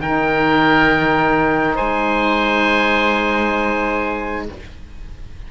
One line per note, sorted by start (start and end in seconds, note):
0.00 1.79 D#3
0.00 4.51 D#4
0.00 1.75 A#4
0.00 1.77 G5
1.75 4.48 G#3
1.75 4.44 C5
1.75 4.46 G#5